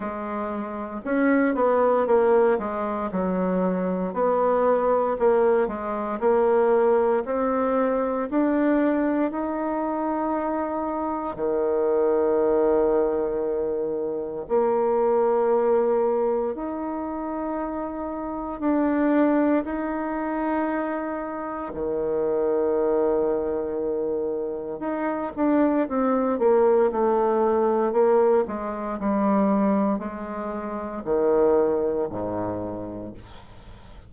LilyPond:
\new Staff \with { instrumentName = "bassoon" } { \time 4/4 \tempo 4 = 58 gis4 cis'8 b8 ais8 gis8 fis4 | b4 ais8 gis8 ais4 c'4 | d'4 dis'2 dis4~ | dis2 ais2 |
dis'2 d'4 dis'4~ | dis'4 dis2. | dis'8 d'8 c'8 ais8 a4 ais8 gis8 | g4 gis4 dis4 gis,4 | }